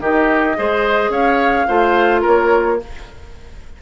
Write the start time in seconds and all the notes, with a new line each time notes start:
0.00 D#3 D#4 G4 D#5
0.56 G#3 G#4 C5
1.10 C#4 C#5 F5
1.68 A3 F4 C5
2.22 A#3 A#4 C#5